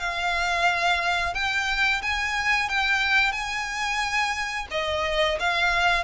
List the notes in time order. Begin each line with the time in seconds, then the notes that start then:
0.00 F5
1.35 G5
2.03 G#5
2.69 G5
3.32 G#5
4.71 D#5
5.40 F5